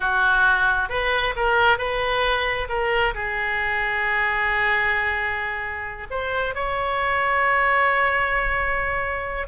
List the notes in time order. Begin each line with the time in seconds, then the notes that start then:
0.00 F#4
0.89 B4
1.36 A#4
1.78 B4
2.68 A#4
3.14 G#4
6.10 C5
6.54 C#5